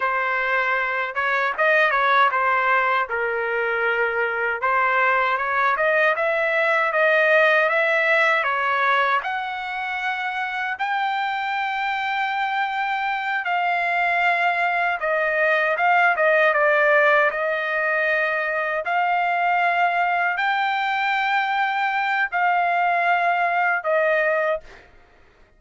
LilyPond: \new Staff \with { instrumentName = "trumpet" } { \time 4/4 \tempo 4 = 78 c''4. cis''8 dis''8 cis''8 c''4 | ais'2 c''4 cis''8 dis''8 | e''4 dis''4 e''4 cis''4 | fis''2 g''2~ |
g''4. f''2 dis''8~ | dis''8 f''8 dis''8 d''4 dis''4.~ | dis''8 f''2 g''4.~ | g''4 f''2 dis''4 | }